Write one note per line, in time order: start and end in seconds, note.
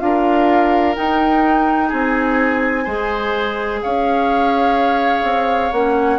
0.00 0.96 D4
0.00 0.95 F4
0.00 1.89 A#4
0.00 0.95 F5
0.96 2.86 D#4
0.96 1.93 D#4
0.96 1.91 G5
1.89 2.87 C4
1.89 2.84 G#4
1.89 3.83 G#5
2.85 3.82 G#3
2.85 5.72 G#4
2.85 3.80 C5
3.83 5.24 C#4
3.83 6.19 C#5
3.83 5.73 F5
5.24 5.71 C4
5.73 6.19 A#3
5.73 6.19 C#4
5.73 6.19 F#5